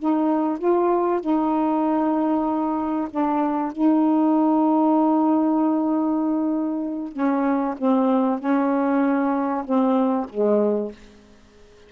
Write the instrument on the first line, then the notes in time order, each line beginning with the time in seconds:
saxophone
0.00 D#4
0.59 F4
1.22 D#4
3.11 D4
3.72 D#4
7.13 C#4
7.78 C4
8.39 C#4
9.65 C4
10.30 G#3